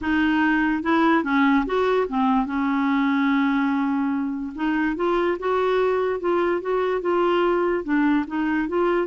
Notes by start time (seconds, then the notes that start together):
0.01 D#4
0.82 E4
1.23 C#4
1.66 F#4
2.08 C4
2.46 C#4
4.55 D#4
4.96 F4
5.39 F#4
6.20 F4
6.61 F#4
7.01 F4
7.84 D4
8.27 D#4
8.68 F4